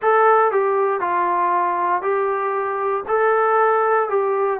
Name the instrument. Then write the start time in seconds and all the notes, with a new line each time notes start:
trombone
0.01 A4
0.51 G4
1.00 F4
2.02 G4
3.07 A4
4.09 G4